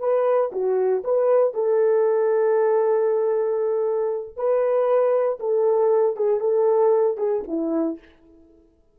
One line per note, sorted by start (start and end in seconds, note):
0.00 0.51 B4
0.52 1.04 F#4
1.04 1.55 B4
1.55 4.37 A4
4.37 5.39 B4
5.40 6.17 A4
6.17 6.41 G#4
6.41 7.17 A4
7.17 7.43 G#4
7.48 7.99 E4